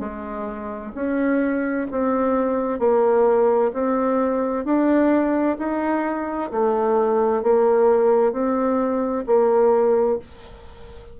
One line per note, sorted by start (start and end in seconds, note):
0.00 0.92 G#3
0.95 1.88 C#4
1.91 2.79 C4
2.79 3.72 A#3
3.73 4.65 C4
4.65 5.57 D4
5.58 6.51 D#4
6.52 7.43 A3
7.43 8.32 A#3
8.32 9.25 C4
9.26 10.19 A#3